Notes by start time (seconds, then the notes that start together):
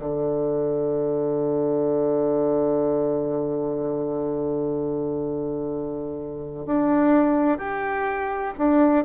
0.00 D3
6.66 D4
7.58 G4
8.58 D4